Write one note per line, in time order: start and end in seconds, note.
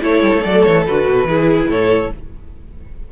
0.00 0.22 A3
0.00 0.42 E4
0.00 1.27 A4
0.00 0.44 C#5
0.22 0.32 G3
0.33 0.43 A3
0.44 0.65 F#3
0.44 0.85 A3
0.44 0.63 D5
0.63 0.88 E3
0.63 0.83 C#5
0.87 1.05 D3
0.87 1.28 F#4
0.87 1.70 B4
1.05 1.24 B2
1.24 1.66 E3
1.24 2.11 E4
1.24 1.70 G#4
1.68 2.10 A2
1.68 2.11 A4
1.68 2.12 C#5